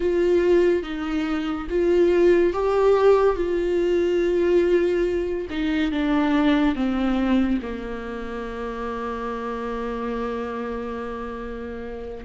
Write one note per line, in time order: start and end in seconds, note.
0.00 0.82 F4
0.82 1.67 D#4
1.69 2.53 F4
2.53 3.36 G4
3.36 5.47 F4
5.50 5.91 D#4
5.91 6.75 D4
6.75 7.59 C4
7.62 12.25 A#3